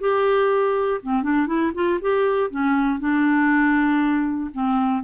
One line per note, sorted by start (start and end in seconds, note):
0.00 1.01 G4
1.02 1.23 C4
1.23 1.47 D4
1.47 1.72 E4
1.74 2.00 F4
2.01 2.50 G4
2.50 3.00 C#4
3.00 4.51 D4
4.54 5.04 C4